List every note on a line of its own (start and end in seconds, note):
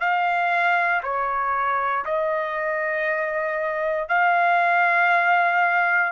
0.00 1.02 F5
1.03 2.04 C#5
2.05 4.08 D#5
4.09 6.12 F5